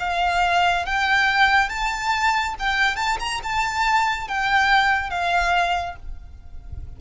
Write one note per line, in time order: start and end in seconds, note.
0.00 0.86 F5
0.86 1.69 G5
1.69 2.55 A5
2.59 2.96 G5
2.96 3.18 A5
3.20 3.41 A#5
3.44 4.28 A5
4.28 5.10 G5
5.10 5.96 F5